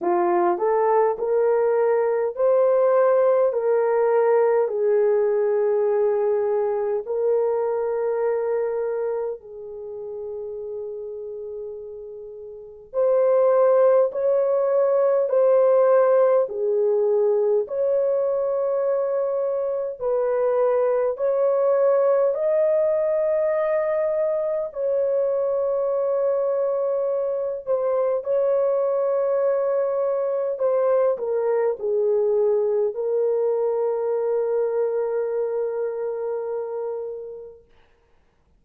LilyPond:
\new Staff \with { instrumentName = "horn" } { \time 4/4 \tempo 4 = 51 f'8 a'8 ais'4 c''4 ais'4 | gis'2 ais'2 | gis'2. c''4 | cis''4 c''4 gis'4 cis''4~ |
cis''4 b'4 cis''4 dis''4~ | dis''4 cis''2~ cis''8 c''8 | cis''2 c''8 ais'8 gis'4 | ais'1 | }